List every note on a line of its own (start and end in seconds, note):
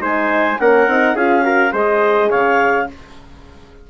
0.00 0.57 G#3
0.00 0.57 D#4
0.00 0.58 C5
0.00 0.59 G#5
0.59 0.87 A#3
0.59 0.88 C#4
0.59 1.15 A#4
0.59 1.16 F#5
0.87 1.14 C4
0.87 1.16 D#4
1.14 1.71 C#4
1.14 1.41 F4
1.14 1.44 G#4
1.14 1.73 F5
1.41 1.70 F#4
1.41 1.72 A#4
1.72 2.30 G#3
1.72 2.86 G#4
1.72 2.29 C5
1.72 2.30 D#5
2.29 2.90 C#3
2.29 2.86 C#5
2.29 2.87 F5